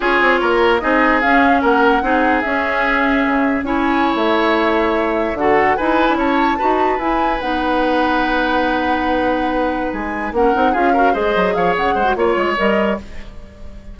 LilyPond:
<<
  \new Staff \with { instrumentName = "flute" } { \time 4/4 \tempo 4 = 148 cis''2 dis''4 f''4 | fis''2 e''2~ | e''4 gis''4~ gis''16 e''4.~ e''16~ | e''4~ e''16 fis''4 gis''4 a''8.~ |
a''4~ a''16 gis''4 fis''4.~ fis''16~ | fis''1~ | fis''8 gis''4 fis''4 f''4 dis''8~ | dis''8 f''8 fis''4 cis''4 dis''4 | }
  \new Staff \with { instrumentName = "oboe" } { \time 4/4 gis'4 ais'4 gis'2 | ais'4 gis'2.~ | gis'4 cis''2.~ | cis''4~ cis''16 a'4 b'4 cis''8.~ |
cis''16 b'2.~ b'8.~ | b'1~ | b'4. ais'4 gis'8 ais'8 c''8~ | c''8 cis''4 c''8 cis''2 | }
  \new Staff \with { instrumentName = "clarinet" } { \time 4/4 f'2 dis'4 cis'4~ | cis'4 dis'4 cis'2~ | cis'4 e'2.~ | e'4~ e'16 fis'4 e'4.~ e'16~ |
e'16 fis'4 e'4 dis'4.~ dis'16~ | dis'1~ | dis'4. cis'8 dis'8 f'8 fis'8 gis'8~ | gis'4.~ gis'16 fis'16 f'4 ais'4 | }
  \new Staff \with { instrumentName = "bassoon" } { \time 4/4 cis'8 c'8 ais4 c'4 cis'4 | ais4 c'4 cis'2 | cis4 cis'4~ cis'16 a4.~ a16~ | a4~ a16 d4 dis'8. d'16 cis'8.~ |
cis'16 dis'4 e'4 b4.~ b16~ | b1~ | b8 gis4 ais8 c'8 cis'4 gis8 | fis8 f8 cis8 gis8 ais8 gis8 g4 | }
>>